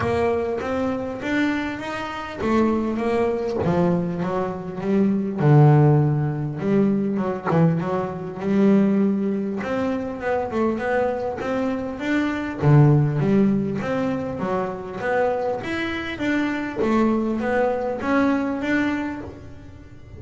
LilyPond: \new Staff \with { instrumentName = "double bass" } { \time 4/4 \tempo 4 = 100 ais4 c'4 d'4 dis'4 | a4 ais4 f4 fis4 | g4 d2 g4 | fis8 e8 fis4 g2 |
c'4 b8 a8 b4 c'4 | d'4 d4 g4 c'4 | fis4 b4 e'4 d'4 | a4 b4 cis'4 d'4 | }